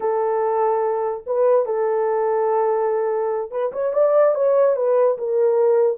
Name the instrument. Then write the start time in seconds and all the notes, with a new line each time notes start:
horn
0.00 A4
1.26 B4
1.65 A4
3.51 B4
3.72 C#5
3.93 D5
4.34 C#5
4.76 B4
5.18 A#4